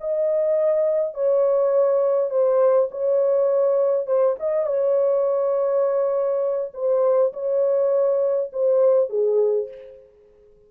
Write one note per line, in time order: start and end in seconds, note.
0.00 1.14 D#5
1.14 2.30 C#5
2.30 2.89 C5
2.91 4.06 C#5
4.06 4.36 C5
4.39 4.66 D#5
4.66 6.72 C#5
6.74 7.33 C5
7.33 8.51 C#5
8.53 9.09 C5
9.09 9.68 G#4